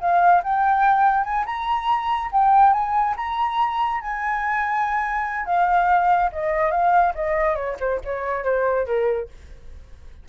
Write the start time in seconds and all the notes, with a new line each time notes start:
0.00 F5
0.43 G5
1.24 G#5
1.46 A#5
2.32 G5
2.73 G#5
3.17 A#5
4.01 G#5
5.46 F5
6.32 D#5
6.71 F5
7.15 D#5
7.55 C#5
7.80 C5
8.05 C#5
8.44 C5
8.86 A#4